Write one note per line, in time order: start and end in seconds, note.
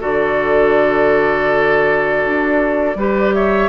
0.00 2.24 D3
0.00 2.96 F#4
0.00 2.97 A4
0.00 3.34 D5
2.24 2.95 D4
2.95 3.69 G3
2.95 3.69 G4
2.95 3.35 B4
3.34 3.69 C#5
3.34 3.69 E5